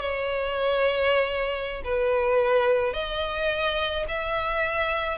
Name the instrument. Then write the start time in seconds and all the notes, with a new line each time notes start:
violin
0.00 C#5
1.84 B4
2.93 D#5
4.08 E5